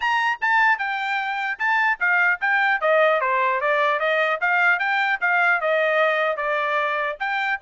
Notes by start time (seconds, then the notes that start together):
0.00 A#5
0.41 A5
0.78 G5
1.58 A5
2.00 F5
2.40 G5
2.80 D#5
3.21 C5
3.60 D5
3.99 D#5
4.40 F5
4.79 G5
5.20 F5
5.60 D#5
6.36 D5
7.19 G5